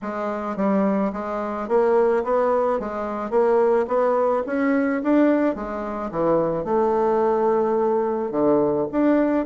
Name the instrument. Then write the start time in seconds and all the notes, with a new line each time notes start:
bassoon
0.02 G#3
0.56 G3
1.12 G#3
1.68 A#3
2.24 B3
2.79 G#3
3.30 A#3
3.87 B3
4.46 C#4
5.03 D4
5.55 G#3
6.11 E3
6.64 A3
8.31 D3
8.91 D4